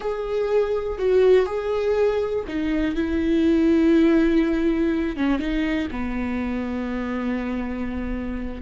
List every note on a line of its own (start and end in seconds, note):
0.00 0.98 G#4
0.98 1.46 F#4
1.46 2.44 G#4
2.47 2.95 D#4
2.95 5.16 E4
5.16 5.39 C#4
5.39 5.88 D#4
5.91 8.62 B3